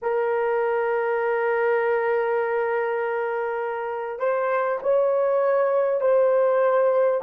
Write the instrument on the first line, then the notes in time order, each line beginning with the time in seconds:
horn
0.02 A#4
4.19 C5
4.82 C#5
6.01 C5